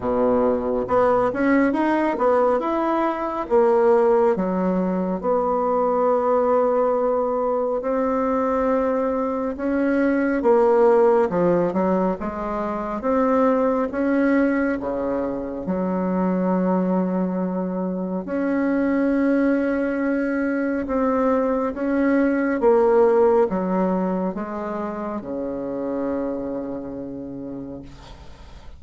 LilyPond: \new Staff \with { instrumentName = "bassoon" } { \time 4/4 \tempo 4 = 69 b,4 b8 cis'8 dis'8 b8 e'4 | ais4 fis4 b2~ | b4 c'2 cis'4 | ais4 f8 fis8 gis4 c'4 |
cis'4 cis4 fis2~ | fis4 cis'2. | c'4 cis'4 ais4 fis4 | gis4 cis2. | }